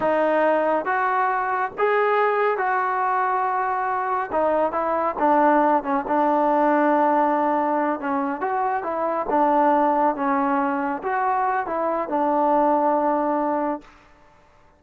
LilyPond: \new Staff \with { instrumentName = "trombone" } { \time 4/4 \tempo 4 = 139 dis'2 fis'2 | gis'2 fis'2~ | fis'2 dis'4 e'4 | d'4. cis'8 d'2~ |
d'2~ d'8 cis'4 fis'8~ | fis'8 e'4 d'2 cis'8~ | cis'4. fis'4. e'4 | d'1 | }